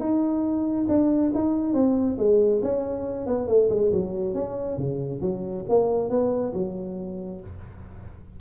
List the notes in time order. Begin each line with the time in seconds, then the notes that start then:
0.00 D#4
0.88 D4
1.34 D#4
1.74 C4
2.18 G#3
2.62 C#4
3.27 B3
3.48 A3
3.70 G#3
3.92 F#3
4.34 C#4
4.77 C#3
5.21 F#3
5.69 A#3
6.09 B3
6.53 F#3